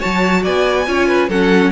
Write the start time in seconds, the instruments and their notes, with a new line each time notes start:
0.00 cello F#3, viola F#4, violin C#5 A5
0.43 cello B3, violin D5 G#5
0.87 cello C#4, viola F4, violin C#5
1.08 violin B4
1.29 cello F#3, viola C#4, violin A4 F#5